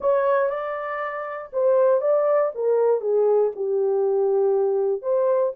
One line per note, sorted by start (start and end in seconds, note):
0.00 0.49 C#5
0.49 1.50 D5
1.52 2.01 C5
2.01 2.51 D5
2.54 3.00 A#4
3.00 3.51 G#4
3.55 5.02 G4
5.02 5.52 C5